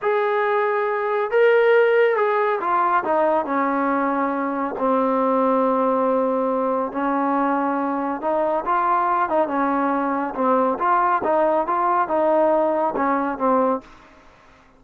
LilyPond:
\new Staff \with { instrumentName = "trombone" } { \time 4/4 \tempo 4 = 139 gis'2. ais'4~ | ais'4 gis'4 f'4 dis'4 | cis'2. c'4~ | c'1 |
cis'2. dis'4 | f'4. dis'8 cis'2 | c'4 f'4 dis'4 f'4 | dis'2 cis'4 c'4 | }